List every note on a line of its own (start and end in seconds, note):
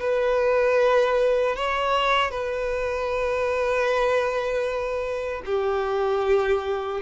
0.00 1.56 B4
1.56 2.31 C#5
2.31 5.43 B4
5.45 7.01 G4